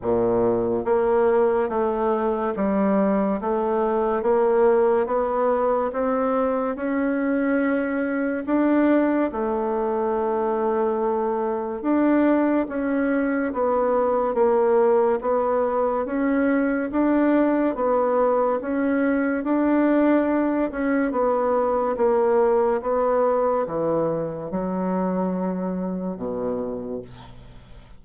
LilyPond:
\new Staff \with { instrumentName = "bassoon" } { \time 4/4 \tempo 4 = 71 ais,4 ais4 a4 g4 | a4 ais4 b4 c'4 | cis'2 d'4 a4~ | a2 d'4 cis'4 |
b4 ais4 b4 cis'4 | d'4 b4 cis'4 d'4~ | d'8 cis'8 b4 ais4 b4 | e4 fis2 b,4 | }